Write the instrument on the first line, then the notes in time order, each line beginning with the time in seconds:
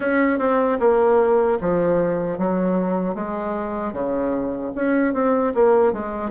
bassoon
0.00 C#4
0.38 C4
0.79 A#3
1.60 F3
2.38 F#3
3.14 G#3
3.92 C#3
4.75 C#4
5.13 C4
5.54 A#3
5.92 G#3